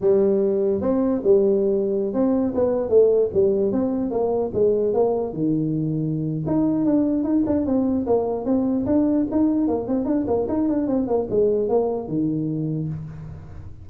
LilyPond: \new Staff \with { instrumentName = "tuba" } { \time 4/4 \tempo 4 = 149 g2 c'4 g4~ | g4~ g16 c'4 b4 a8.~ | a16 g4 c'4 ais4 gis8.~ | gis16 ais4 dis2~ dis8. |
dis'4 d'4 dis'8 d'8 c'4 | ais4 c'4 d'4 dis'4 | ais8 c'8 d'8 ais8 dis'8 d'8 c'8 ais8 | gis4 ais4 dis2 | }